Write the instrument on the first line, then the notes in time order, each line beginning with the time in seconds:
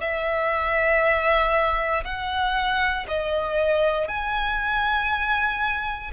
violin
0.00 E5
2.04 F#5
3.08 D#5
4.08 G#5